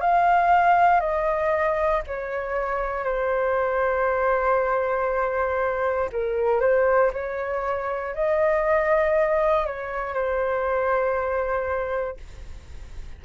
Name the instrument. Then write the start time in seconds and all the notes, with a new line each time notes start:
flute
0.00 F5
1.00 D#5
2.07 C#5
3.04 C5
6.12 A#4
6.60 C5
7.13 C#5
8.14 D#5
9.66 C#5
10.13 C5